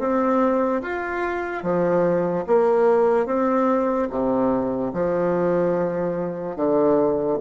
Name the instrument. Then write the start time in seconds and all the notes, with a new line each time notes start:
bassoon
0.00 C4
0.83 F4
1.63 F3
2.47 A#3
3.27 C4
4.11 C3
4.94 F3
6.56 D3